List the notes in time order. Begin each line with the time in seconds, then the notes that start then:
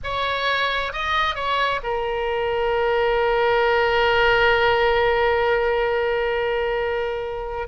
0.03 C#5
0.92 D#5
1.35 C#5
1.83 A#4